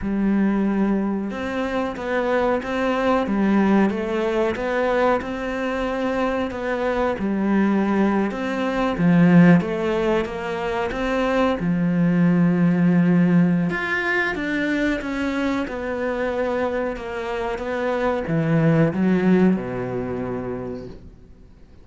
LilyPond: \new Staff \with { instrumentName = "cello" } { \time 4/4 \tempo 4 = 92 g2 c'4 b4 | c'4 g4 a4 b4 | c'2 b4 g4~ | g8. c'4 f4 a4 ais16~ |
ais8. c'4 f2~ f16~ | f4 f'4 d'4 cis'4 | b2 ais4 b4 | e4 fis4 b,2 | }